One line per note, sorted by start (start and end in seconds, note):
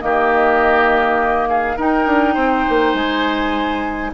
0.00 1.78 D#3
0.00 1.77 A#3
0.00 1.49 G4
0.00 1.47 D#5
1.49 1.76 G#4
1.49 1.78 F5
1.76 4.13 D#4
1.76 2.06 D#4
1.76 2.34 A#4
1.76 2.94 G5
2.06 2.36 D4
2.34 2.65 C4
2.34 4.10 C5
2.69 2.94 A#3
2.94 4.11 G#3
2.94 4.12 G#5